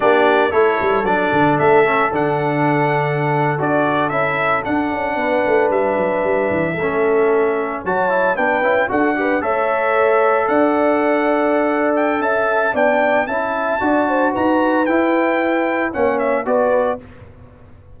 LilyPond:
<<
  \new Staff \with { instrumentName = "trumpet" } { \time 4/4 \tempo 4 = 113 d''4 cis''4 d''4 e''4 | fis''2~ fis''8. d''4 e''16~ | e''8. fis''2 e''4~ e''16~ | e''2~ e''8. a''4 g''16~ |
g''8. fis''4 e''2 fis''16~ | fis''2~ fis''8 g''8 a''4 | g''4 a''2 ais''4 | g''2 fis''8 e''8 d''4 | }
  \new Staff \with { instrumentName = "horn" } { \time 4/4 g'4 a'2.~ | a'1~ | a'4.~ a'16 b'2~ b'16~ | b'8. a'2 cis''4 b'16~ |
b'8. a'8 b'8 cis''2 d''16~ | d''2. e''4 | d''4 e''4 d''8 c''8 b'4~ | b'2 cis''4 b'4 | }
  \new Staff \with { instrumentName = "trombone" } { \time 4/4 d'4 e'4 d'4. cis'8 | d'2~ d'8. fis'4 e'16~ | e'8. d'2.~ d'16~ | d'8. cis'2 fis'8 e'8 d'16~ |
d'16 e'8 fis'8 g'8 a'2~ a'16~ | a'1 | d'4 e'4 fis'2 | e'2 cis'4 fis'4 | }
  \new Staff \with { instrumentName = "tuba" } { \time 4/4 ais4 a8 g8 fis8 d8 a4 | d2~ d8. d'4 cis'16~ | cis'8. d'8 cis'8 b8 a8 g8 fis8 g16~ | g16 e8 a2 fis4 b16~ |
b16 cis'8 d'4 a2 d'16~ | d'2. cis'4 | b4 cis'4 d'4 dis'4 | e'2 ais4 b4 | }
>>